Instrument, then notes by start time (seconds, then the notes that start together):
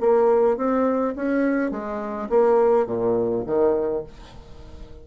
bassoon
0.00 A#3
0.57 C4
1.15 C#4
1.71 G#3
2.29 A#3
2.86 A#2
3.46 D#3